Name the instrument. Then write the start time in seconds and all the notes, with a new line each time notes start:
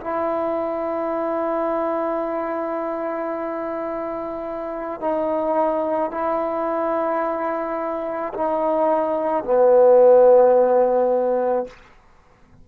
trombone
0.00 E4
5.00 D#4
6.11 E4
8.33 D#4
9.44 B3